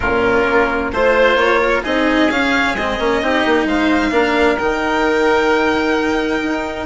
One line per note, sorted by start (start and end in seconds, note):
0.00 0.46 A#2
0.00 0.93 C#4
0.00 0.91 F4
0.00 0.90 A#4
0.46 0.91 A#3
0.92 1.35 A3
0.92 1.83 F4
0.92 1.60 C5
0.92 1.36 C5
1.35 1.81 A#3
1.35 1.82 C#5
1.60 1.82 A#4
1.82 2.30 C4
1.82 2.29 D#4
1.82 3.19 G#4
1.82 2.30 D#5
2.30 2.74 C#4
2.30 2.76 C#4
2.30 2.75 F5
2.74 2.97 G#3
2.74 3.00 C4
2.74 3.67 D#5
2.99 3.22 A#3
2.99 3.22 C#4
3.22 3.45 C4
3.22 4.11 D#4
3.22 3.67 G4
3.45 3.65 A#3
3.65 4.10 G#3
3.65 4.11 C5
3.65 4.57 F5
4.10 4.56 A#3
4.10 4.57 D4
4.10 6.86 A#4
4.57 6.43 D#3
4.57 6.86 D#4
4.57 6.86 G5
6.43 6.86 D#4